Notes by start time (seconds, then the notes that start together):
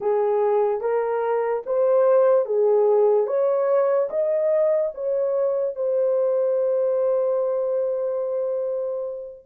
0.00 G#4
0.80 A#4
1.66 C5
2.45 G#4
3.27 C#5
4.09 D#5
4.94 C#5
5.75 C5